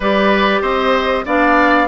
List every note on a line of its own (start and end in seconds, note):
0.00 0.60 G3
0.00 1.26 G4
0.00 0.61 B4
0.00 0.62 D5
0.61 1.24 C4
0.61 1.24 C5
0.61 1.25 D#5
1.25 1.88 B3
1.25 1.88 D4
1.25 1.88 D5
1.25 1.88 F5